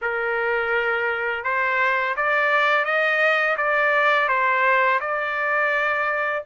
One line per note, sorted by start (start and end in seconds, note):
0.01 1.44 A#4
1.44 2.15 C5
2.16 2.84 D5
2.84 3.56 D#5
3.57 4.28 D5
4.28 4.99 C5
5.00 6.43 D5